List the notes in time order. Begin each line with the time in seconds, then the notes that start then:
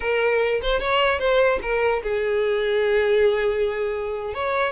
0.00 A#4
0.62 C5
0.80 C#5
1.19 C5
1.62 A#4
2.02 G#4
4.34 C#5